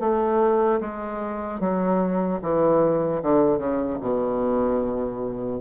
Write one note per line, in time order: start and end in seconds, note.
0.00 0.80 A3
0.80 1.60 G#3
1.60 2.40 F#3
2.42 3.22 E3
3.23 3.58 D3
3.58 3.98 C#3
4.01 5.60 B2